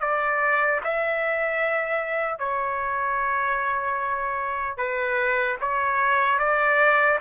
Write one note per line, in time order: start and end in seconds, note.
0.00 0.80 D5
0.84 2.38 E5
2.38 4.77 C#5
4.77 5.57 B4
5.60 6.38 C#5
6.38 7.18 D5